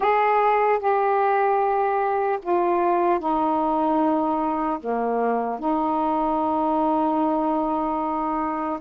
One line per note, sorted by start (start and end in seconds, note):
0.00 0.79 G#4
0.79 2.39 G4
2.42 3.19 F4
3.19 4.79 D#4
4.80 5.59 A#3
5.59 8.79 D#4